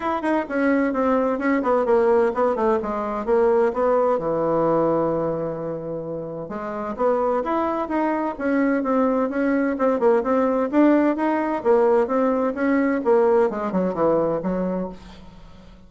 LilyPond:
\new Staff \with { instrumentName = "bassoon" } { \time 4/4 \tempo 4 = 129 e'8 dis'8 cis'4 c'4 cis'8 b8 | ais4 b8 a8 gis4 ais4 | b4 e2.~ | e2 gis4 b4 |
e'4 dis'4 cis'4 c'4 | cis'4 c'8 ais8 c'4 d'4 | dis'4 ais4 c'4 cis'4 | ais4 gis8 fis8 e4 fis4 | }